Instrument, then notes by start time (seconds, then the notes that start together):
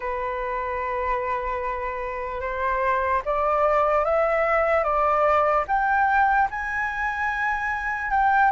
flute
0.00 B4
2.40 C5
3.25 D5
4.05 E5
4.83 D5
5.67 G5
6.50 G#5
8.10 G5